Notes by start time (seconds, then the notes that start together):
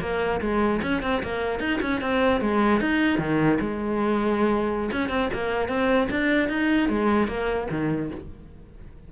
0.00 A#3
0.41 G#3
0.82 C#4
1.02 C4
1.22 A#3
1.59 D#4
1.81 C#4
2.01 C4
2.41 G#3
2.80 D#4
3.18 D#3
3.60 G#3
4.92 C#4
5.09 C4
5.33 A#3
5.68 C4
6.10 D4
6.48 D#4
6.88 G#3
7.27 A#3
7.70 D#3